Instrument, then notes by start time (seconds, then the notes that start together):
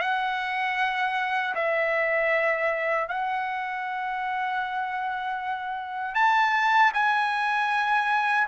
trumpet
0.00 F#5
1.54 E5
3.08 F#5
6.14 A5
6.93 G#5